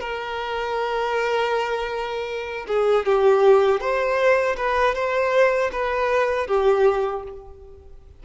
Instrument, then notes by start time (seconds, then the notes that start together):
violin
0.00 A#4
2.68 G#4
3.06 G4
3.80 C5
4.56 B4
4.95 C5
5.72 B4
6.47 G4